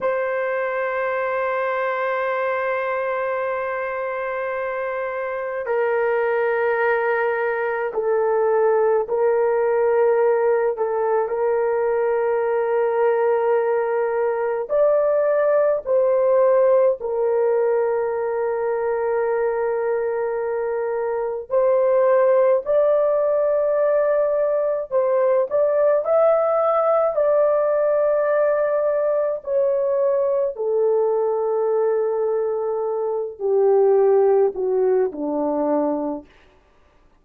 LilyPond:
\new Staff \with { instrumentName = "horn" } { \time 4/4 \tempo 4 = 53 c''1~ | c''4 ais'2 a'4 | ais'4. a'8 ais'2~ | ais'4 d''4 c''4 ais'4~ |
ais'2. c''4 | d''2 c''8 d''8 e''4 | d''2 cis''4 a'4~ | a'4. g'4 fis'8 d'4 | }